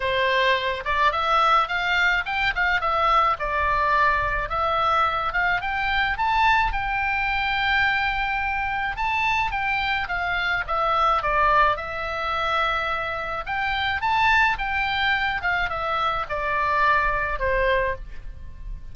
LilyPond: \new Staff \with { instrumentName = "oboe" } { \time 4/4 \tempo 4 = 107 c''4. d''8 e''4 f''4 | g''8 f''8 e''4 d''2 | e''4. f''8 g''4 a''4 | g''1 |
a''4 g''4 f''4 e''4 | d''4 e''2. | g''4 a''4 g''4. f''8 | e''4 d''2 c''4 | }